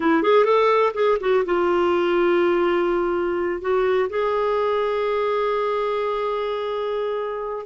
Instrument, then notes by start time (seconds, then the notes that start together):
clarinet
0.00 E4
0.23 G#4
0.45 A4
0.94 G#4
1.20 F#4
1.45 F4
3.61 F#4
4.09 G#4